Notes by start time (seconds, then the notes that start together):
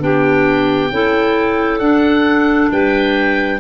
0.00 B3 D4 G4 G5
0.91 C#4 E4 A4
1.79 D4 F#5
2.72 G3 B4 G5